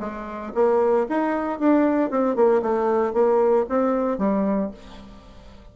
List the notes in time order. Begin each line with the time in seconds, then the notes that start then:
0.00 G#3
0.55 A#3
1.09 D#4
1.59 D4
2.11 C4
2.36 A#3
2.62 A3
3.13 A#3
3.69 C4
4.18 G3